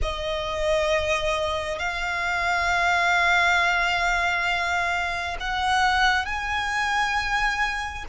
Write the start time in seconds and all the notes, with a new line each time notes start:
0.02 D#5
1.78 F5
5.40 F#5
6.25 G#5